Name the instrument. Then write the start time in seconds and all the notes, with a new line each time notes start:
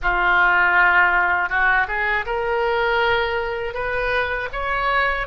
oboe
0.02 F4
1.49 F#4
1.88 G#4
2.25 A#4
3.73 B4
4.52 C#5